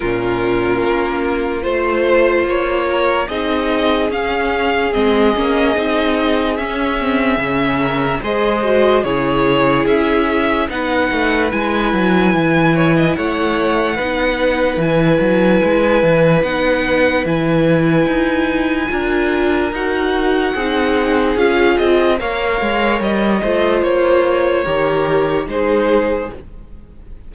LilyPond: <<
  \new Staff \with { instrumentName = "violin" } { \time 4/4 \tempo 4 = 73 ais'2 c''4 cis''4 | dis''4 f''4 dis''2 | e''2 dis''4 cis''4 | e''4 fis''4 gis''2 |
fis''2 gis''2 | fis''4 gis''2. | fis''2 f''8 dis''8 f''4 | dis''4 cis''2 c''4 | }
  \new Staff \with { instrumentName = "violin" } { \time 4/4 f'2 c''4. ais'8 | gis'1~ | gis'4. ais'8 c''4 gis'4~ | gis'4 b'2~ b'8 cis''16 dis''16 |
cis''4 b'2.~ | b'2. ais'4~ | ais'4 gis'2 cis''4~ | cis''8 c''4. ais'4 gis'4 | }
  \new Staff \with { instrumentName = "viola" } { \time 4/4 cis'2 f'2 | dis'4 cis'4 c'8 cis'8 dis'4 | cis'8 c'8 cis'4 gis'8 fis'8 e'4~ | e'4 dis'4 e'2~ |
e'4 dis'4 e'2 | dis'4 e'2 f'4 | fis'4 dis'4 f'4 ais'4~ | ais'8 f'4. g'4 dis'4 | }
  \new Staff \with { instrumentName = "cello" } { \time 4/4 ais,4 ais4 a4 ais4 | c'4 cis'4 gis8 ais8 c'4 | cis'4 cis4 gis4 cis4 | cis'4 b8 a8 gis8 fis8 e4 |
a4 b4 e8 fis8 gis8 e8 | b4 e4 dis'4 d'4 | dis'4 c'4 cis'8 c'8 ais8 gis8 | g8 a8 ais4 dis4 gis4 | }
>>